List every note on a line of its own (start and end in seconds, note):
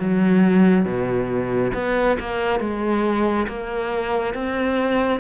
0.00 0.85 F#3
0.85 1.72 B2
1.74 2.18 B3
2.20 2.60 A#3
2.60 3.47 G#3
3.48 4.34 A#3
4.34 5.21 C4